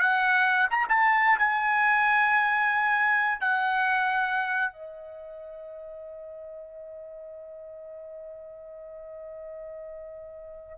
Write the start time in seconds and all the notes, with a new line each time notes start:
0.00 F#5
0.70 A#5
0.89 A5
1.39 G#5
3.40 F#5
4.72 D#5